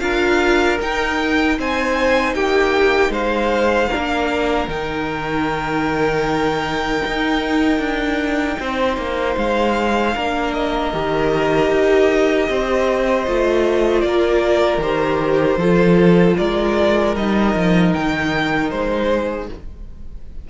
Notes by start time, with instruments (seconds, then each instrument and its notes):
0.00 cello D4, viola F4, violin A#4 F5
0.81 cello D#4, viola D#4, violin G5
1.58 cello C4, violin C5 G#5
2.34 cello A#3, violin G4 G5
3.10 cello G#3, violin C5 F5
3.90 viola D4, violin A#4
3.96 cello A#3
4.68 cello D#3, viola D#4, violin G5
7.07 cello D#4
7.79 cello D4
8.60 cello C4, violin C5
8.98 cello A#3
9.37 cello G#3, violin F5
10.15 cello A#3, viola D4, violin A#4
10.54 violin D#5
10.94 cello D#3, viola G4
11.71 cello D#4
12.49 cello C4, violin C5
13.27 cello A3, viola F4
14.02 cello A#3, violin A#4 D5
14.78 cello D#3, viola G4, violin C5
15.57 cello F3, viola F4, violin A4
16.38 cello G#3, violin A#4 D5
17.16 cello G3, viola D#4, violin D#5
17.55 cello F3
17.94 cello D#3, violin G5
18.71 cello G#3, violin C5
19.10 violin G#4